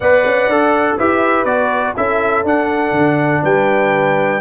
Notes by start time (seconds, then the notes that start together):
0.00 B3 B4 D5 F#5
0.25 C#4
0.47 D4 A4
0.97 E4 G4 B4 E5
1.44 B3 F#4 D5
1.96 C#4 E4 A4 E5
2.43 D4 F#5
2.91 D3
3.42 G3 B4 G5